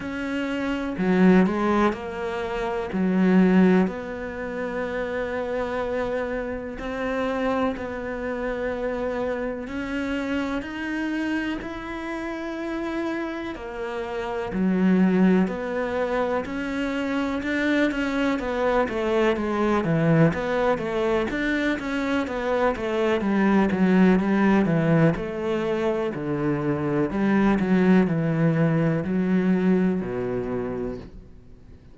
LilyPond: \new Staff \with { instrumentName = "cello" } { \time 4/4 \tempo 4 = 62 cis'4 fis8 gis8 ais4 fis4 | b2. c'4 | b2 cis'4 dis'4 | e'2 ais4 fis4 |
b4 cis'4 d'8 cis'8 b8 a8 | gis8 e8 b8 a8 d'8 cis'8 b8 a8 | g8 fis8 g8 e8 a4 d4 | g8 fis8 e4 fis4 b,4 | }